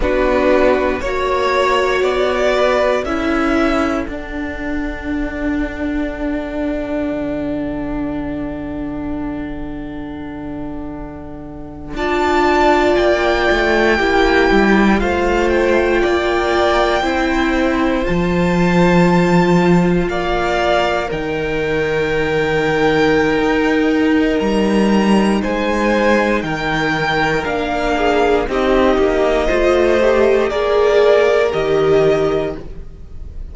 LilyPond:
<<
  \new Staff \with { instrumentName = "violin" } { \time 4/4 \tempo 4 = 59 b'4 cis''4 d''4 e''4 | fis''1~ | fis''2.~ fis''8. a''16~ | a''8. g''2 f''8 g''8.~ |
g''4.~ g''16 a''2 f''16~ | f''8. g''2.~ g''16 | ais''4 gis''4 g''4 f''4 | dis''2 d''4 dis''4 | }
  \new Staff \with { instrumentName = "violin" } { \time 4/4 fis'4 cis''4. b'8 a'4~ | a'1~ | a'2.~ a'8. d''16~ | d''4.~ d''16 g'4 c''4 d''16~ |
d''8. c''2. d''16~ | d''8. ais'2.~ ais'16~ | ais'4 c''4 ais'4. gis'8 | g'4 c''4 ais'2 | }
  \new Staff \with { instrumentName = "viola" } { \time 4/4 d'4 fis'2 e'4 | d'1~ | d'2.~ d'8. f'16~ | f'4.~ f'16 e'4 f'4~ f'16~ |
f'8. e'4 f'2~ f'16~ | f'8. dis'2.~ dis'16~ | dis'2. d'4 | dis'4 f'8 g'8 gis'4 g'4 | }
  \new Staff \with { instrumentName = "cello" } { \time 4/4 b4 ais4 b4 cis'4 | d'2. d4~ | d2.~ d8. d'16~ | d'8. ais8 a8 ais8 g8 a4 ais16~ |
ais8. c'4 f2 ais16~ | ais8. dis2~ dis16 dis'4 | g4 gis4 dis4 ais4 | c'8 ais8 a4 ais4 dis4 | }
>>